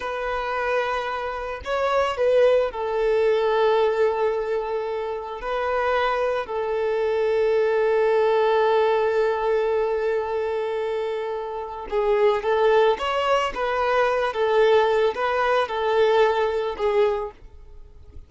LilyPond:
\new Staff \with { instrumentName = "violin" } { \time 4/4 \tempo 4 = 111 b'2. cis''4 | b'4 a'2.~ | a'2 b'2 | a'1~ |
a'1~ | a'2 gis'4 a'4 | cis''4 b'4. a'4. | b'4 a'2 gis'4 | }